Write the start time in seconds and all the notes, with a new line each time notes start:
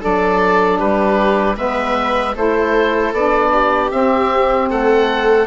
0.00 F#3 D4 A4 D5
0.78 G3 G4 B4
1.56 G#3 B3 B4 E5
2.35 A3 E4 A4 C5
3.13 B3 D4 D5
3.53 G4
3.90 C4 E5
4.70 A3 A4 F#5